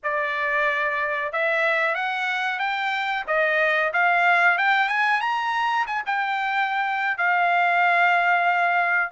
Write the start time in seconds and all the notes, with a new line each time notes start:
0.03 D5
1.32 E5
1.94 F#5
2.59 G5
3.27 D#5
3.93 F5
4.58 G5
4.89 G#5
5.20 A#5
5.86 G#5
6.06 G5
7.17 F5